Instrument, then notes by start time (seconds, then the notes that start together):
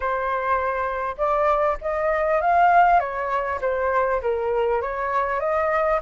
flute
0.00 C5
1.17 D5
1.81 D#5
2.41 F5
2.99 C#5
3.61 C5
4.21 A#4
4.81 C#5
5.40 D#5